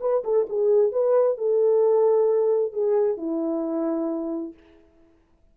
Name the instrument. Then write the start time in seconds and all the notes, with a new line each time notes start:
horn
0.00 B4
0.24 A4
0.49 G#4
0.92 B4
1.37 A4
2.72 G#4
3.17 E4